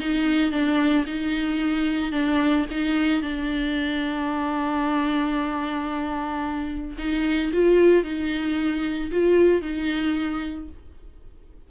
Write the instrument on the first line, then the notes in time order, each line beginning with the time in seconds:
viola
0.00 D#4
0.52 D4
1.07 D#4
2.12 D4
2.71 D#4
3.22 D4
6.98 D#4
7.53 F4
8.04 D#4
9.11 F4
9.62 D#4